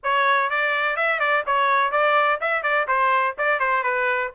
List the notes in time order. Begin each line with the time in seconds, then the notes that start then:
0.03 C#5
0.50 D5
0.96 E5
1.19 D5
1.46 C#5
1.91 D5
2.40 E5
2.62 D5
2.87 C5
3.38 D5
3.59 C5
3.83 B4